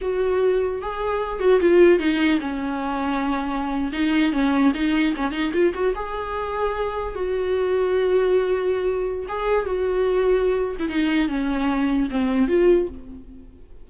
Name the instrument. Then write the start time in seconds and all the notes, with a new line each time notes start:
viola
0.01 F#4
0.81 G#4
1.39 F#4
1.60 F4
1.99 D#4
2.40 C#4
3.92 D#4
4.32 C#4
4.74 D#4
5.16 C#4
5.31 D#4
5.53 F4
5.73 F#4
5.95 G#4
7.14 F#4
9.28 G#4
9.65 F#4
10.79 E4
10.88 D#4
11.28 C#4
12.10 C4
12.47 F4